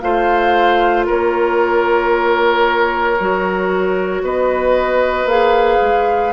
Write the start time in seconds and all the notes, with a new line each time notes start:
0.00 A3 F4 C5 F5
1.07 A#3 A#4 C#5
3.20 F#3 F#4
4.23 B3 B4 D#5
5.25 A#3 G#4 F5
5.81 G#3